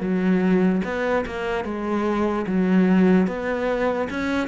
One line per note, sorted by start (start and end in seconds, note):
0.00 0.81 F#3
0.84 1.25 B3
1.25 1.64 A#3
1.64 2.45 G#3
2.47 3.27 F#3
3.27 4.08 B3
4.09 4.47 C#4